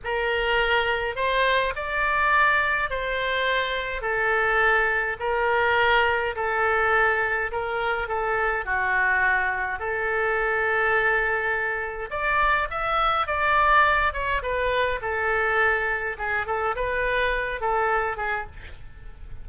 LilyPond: \new Staff \with { instrumentName = "oboe" } { \time 4/4 \tempo 4 = 104 ais'2 c''4 d''4~ | d''4 c''2 a'4~ | a'4 ais'2 a'4~ | a'4 ais'4 a'4 fis'4~ |
fis'4 a'2.~ | a'4 d''4 e''4 d''4~ | d''8 cis''8 b'4 a'2 | gis'8 a'8 b'4. a'4 gis'8 | }